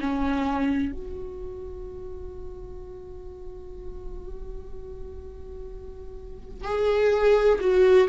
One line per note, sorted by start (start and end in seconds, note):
0.00 0.93 C#4
0.93 6.64 F#4
6.64 7.59 G#4
7.61 8.08 F#4